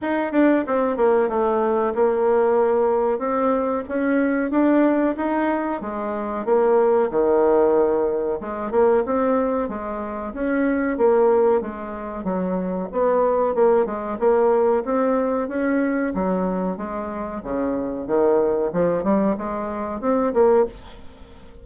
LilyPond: \new Staff \with { instrumentName = "bassoon" } { \time 4/4 \tempo 4 = 93 dis'8 d'8 c'8 ais8 a4 ais4~ | ais4 c'4 cis'4 d'4 | dis'4 gis4 ais4 dis4~ | dis4 gis8 ais8 c'4 gis4 |
cis'4 ais4 gis4 fis4 | b4 ais8 gis8 ais4 c'4 | cis'4 fis4 gis4 cis4 | dis4 f8 g8 gis4 c'8 ais8 | }